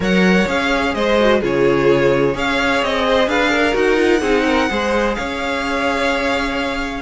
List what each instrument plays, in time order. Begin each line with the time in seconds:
0.00 cello F#3, viola A#4, violin C#5 F#5
0.47 cello C#4, viola G#4, violin F5
0.94 cello G#3, violin C5 D#5
1.20 viola F#4
1.40 cello C#3, viola F4, violin G#4 C#5
2.33 cello C#4, viola G#4, violin C#5 F5
2.82 cello C4, violin D#5
3.07 violin C5
3.27 cello D4, violin B4 F5
3.50 violin A#4
3.72 cello D#4, viola F#4, violin F#5
3.96 viola F4
4.20 cello C4, viola D#4, violin G#4
4.46 violin A#4
4.69 cello G#3, viola G#4, violin C5
5.14 cello C#4, violin C#5 F5